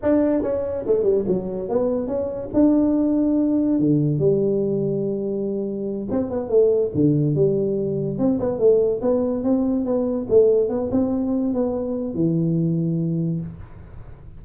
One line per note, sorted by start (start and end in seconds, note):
0.02 0.42 D4
0.42 0.84 C#4
0.86 1.03 A3
1.03 1.24 G3
1.27 1.68 F#3
1.68 2.07 B3
2.07 2.49 C#4
2.53 3.79 D4
3.79 4.18 D3
4.18 6.07 G3
6.10 6.30 C4
6.30 6.49 B3
6.49 6.91 A3
6.94 7.35 D3
7.35 8.18 G3
8.18 8.39 C4
8.39 8.58 B3
8.58 9.00 A3
9.01 9.43 B3
9.43 9.85 C4
9.85 10.27 B3
10.29 10.69 A3
10.69 10.90 B3
10.91 11.53 C4
11.53 12.14 B3
12.14 13.40 E3